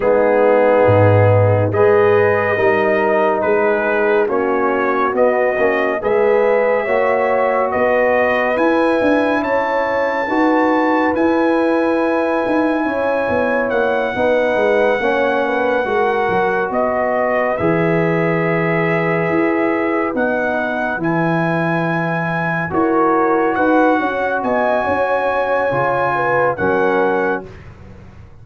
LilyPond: <<
  \new Staff \with { instrumentName = "trumpet" } { \time 4/4 \tempo 4 = 70 gis'2 dis''2 | b'4 cis''4 dis''4 e''4~ | e''4 dis''4 gis''4 a''4~ | a''4 gis''2. |
fis''2.~ fis''8 dis''8~ | dis''8 e''2. fis''8~ | fis''8 gis''2 cis''4 fis''8~ | fis''8 gis''2~ gis''8 fis''4 | }
  \new Staff \with { instrumentName = "horn" } { \time 4/4 dis'2 b'4 ais'4 | gis'4 fis'2 b'4 | cis''4 b'2 cis''4 | b'2. cis''4~ |
cis''8 b'4 cis''8 b'8 ais'4 b'8~ | b'1~ | b'2~ b'8 ais'4 b'8 | cis''8 dis''8 cis''4. b'8 ais'4 | }
  \new Staff \with { instrumentName = "trombone" } { \time 4/4 b2 gis'4 dis'4~ | dis'4 cis'4 b8 cis'8 gis'4 | fis'2 e'2 | fis'4 e'2.~ |
e'8 dis'4 cis'4 fis'4.~ | fis'8 gis'2. dis'8~ | dis'8 e'2 fis'4.~ | fis'2 f'4 cis'4 | }
  \new Staff \with { instrumentName = "tuba" } { \time 4/4 gis4 gis,4 gis4 g4 | gis4 ais4 b8 ais8 gis4 | ais4 b4 e'8 d'8 cis'4 | dis'4 e'4. dis'8 cis'8 b8 |
ais8 b8 gis8 ais4 gis8 fis8 b8~ | b8 e2 e'4 b8~ | b8 e2 e'4 dis'8 | cis'8 b8 cis'4 cis4 fis4 | }
>>